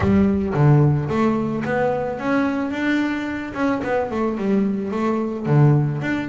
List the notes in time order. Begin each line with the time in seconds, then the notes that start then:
0.00 G3
0.54 D3
1.08 A3
1.64 B3
2.19 C#4
2.70 D4
3.54 C#4
3.83 B3
4.10 A3
4.37 G3
4.91 A3
5.46 D3
6.01 D4